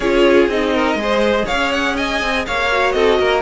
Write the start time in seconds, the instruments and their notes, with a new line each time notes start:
0.00 cello C#4, viola F4, violin G#4 C#5
0.48 cello C4, viola D#4, violin D#5
0.74 violin A#4
0.94 cello G#3, viola G#4
1.02 violin C5
1.45 cello C#4, violin C#5 F5
1.72 violin F#5
1.96 violin D#5 G#5
2.21 cello C4
2.46 cello A#3, violin C#5 F5
2.72 viola F#4
2.91 cello C4, violin A4 D#5
3.19 cello A#3, violin A#4